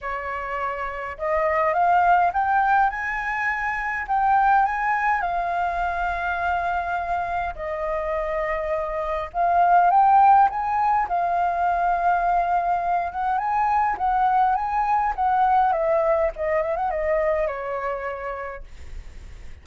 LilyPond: \new Staff \with { instrumentName = "flute" } { \time 4/4 \tempo 4 = 103 cis''2 dis''4 f''4 | g''4 gis''2 g''4 | gis''4 f''2.~ | f''4 dis''2. |
f''4 g''4 gis''4 f''4~ | f''2~ f''8 fis''8 gis''4 | fis''4 gis''4 fis''4 e''4 | dis''8 e''16 fis''16 dis''4 cis''2 | }